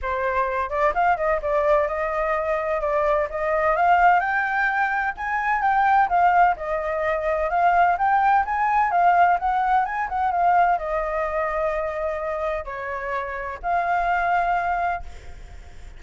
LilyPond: \new Staff \with { instrumentName = "flute" } { \time 4/4 \tempo 4 = 128 c''4. d''8 f''8 dis''8 d''4 | dis''2 d''4 dis''4 | f''4 g''2 gis''4 | g''4 f''4 dis''2 |
f''4 g''4 gis''4 f''4 | fis''4 gis''8 fis''8 f''4 dis''4~ | dis''2. cis''4~ | cis''4 f''2. | }